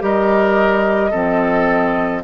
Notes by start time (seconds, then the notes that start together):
0.00 G3 G4 A#4 D#5
1.11 F3 C4 A4